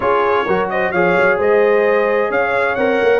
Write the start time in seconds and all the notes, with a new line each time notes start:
0.00 C#4 F4 G#4 C#5
0.46 F#3 F#4 A#4
0.69 C5 D#5
0.91 F3 G#4 C#5 F5
1.16 F#3
1.37 G#3 C5 D#5
2.30 C#4 C#5 F5
2.75 C4 A#4 F#5
3.02 A#3